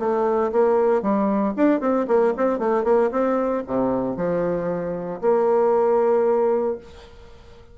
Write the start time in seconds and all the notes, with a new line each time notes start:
0.00 A3
0.53 A#3
1.02 G3
1.57 D4
1.81 C4
2.08 A#3
2.37 C4
2.59 A3
2.85 A#3
3.12 C4
3.67 C3
4.17 F3
5.22 A#3